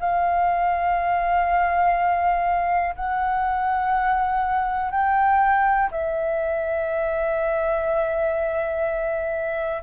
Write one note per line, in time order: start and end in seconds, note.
0.00 2.95 F5
2.95 4.91 F#5
4.91 5.90 G5
5.91 9.82 E5